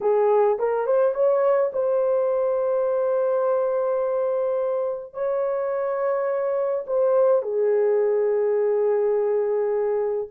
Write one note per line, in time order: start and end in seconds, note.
0.01 0.58 G#4
0.59 0.86 A#4
0.86 1.14 C5
1.14 1.71 C#5
1.72 5.13 C5
5.13 6.85 C#5
6.86 7.42 C5
7.42 10.28 G#4